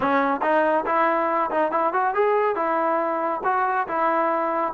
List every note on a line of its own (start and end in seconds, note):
0.00 0.41 C#4
0.42 0.85 D#4
0.86 1.50 E4
1.50 1.71 D#4
1.71 1.93 E4
1.93 2.14 F#4
2.14 2.55 G#4
2.55 3.41 E4
3.44 3.87 F#4
3.87 4.73 E4